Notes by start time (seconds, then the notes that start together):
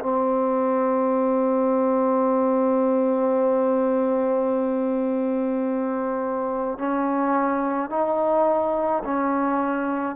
0.00 C4
6.79 C#4
7.90 D#4
9.05 C#4